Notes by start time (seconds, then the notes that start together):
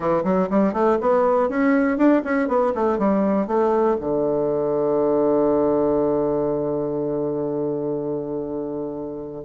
0.00 E3
0.24 F#3
0.50 G3
0.73 A3
1.00 B3
1.49 C#4
1.97 D4
2.24 C#4
2.48 B3
2.75 A3
2.98 G3
3.47 A3
4.00 D3